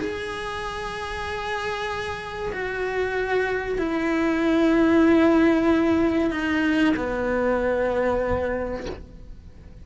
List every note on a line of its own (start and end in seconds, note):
0.00 2.53 G#4
2.53 3.78 F#4
3.78 6.31 E4
6.31 6.94 D#4
6.97 8.86 B3